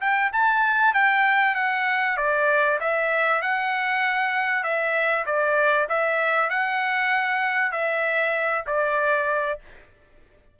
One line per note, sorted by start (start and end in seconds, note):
0.00 0.31 G5
0.32 0.93 A5
0.93 1.55 G5
1.55 2.17 F#5
2.17 2.79 D5
2.80 3.42 E5
3.42 4.63 F#5
4.63 5.25 E5
5.25 5.87 D5
5.88 6.49 E5
6.49 7.72 F#5
7.72 8.64 E5
8.66 9.59 D5